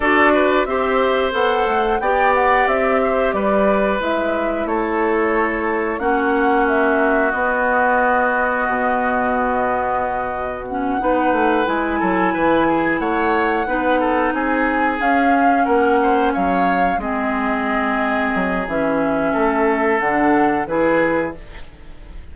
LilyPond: <<
  \new Staff \with { instrumentName = "flute" } { \time 4/4 \tempo 4 = 90 d''4 e''4 fis''4 g''8 fis''8 | e''4 d''4 e''4 cis''4~ | cis''4 fis''4 e''4 dis''4~ | dis''1 |
fis''4. gis''2 fis''8~ | fis''4. gis''4 f''4 fis''8~ | fis''8 f''4 dis''2~ dis''8 | e''2 fis''4 b'4 | }
  \new Staff \with { instrumentName = "oboe" } { \time 4/4 a'8 b'8 c''2 d''4~ | d''8 c''8 b'2 a'4~ | a'4 fis'2.~ | fis'1~ |
fis'8 b'4. a'8 b'8 gis'8 cis''8~ | cis''8 b'8 a'8 gis'2 ais'8 | c''8 cis''4 gis'2~ gis'8~ | gis'4 a'2 gis'4 | }
  \new Staff \with { instrumentName = "clarinet" } { \time 4/4 fis'4 g'4 a'4 g'4~ | g'2 e'2~ | e'4 cis'2 b4~ | b1 |
cis'8 dis'4 e'2~ e'8~ | e'8 dis'2 cis'4.~ | cis'4. c'2~ c'8 | cis'2 d'4 e'4 | }
  \new Staff \with { instrumentName = "bassoon" } { \time 4/4 d'4 c'4 b8 a8 b4 | c'4 g4 gis4 a4~ | a4 ais2 b4~ | b4 b,2.~ |
b,8 b8 a8 gis8 fis8 e4 a8~ | a8 b4 c'4 cis'4 ais8~ | ais8 fis4 gis2 fis8 | e4 a4 d4 e4 | }
>>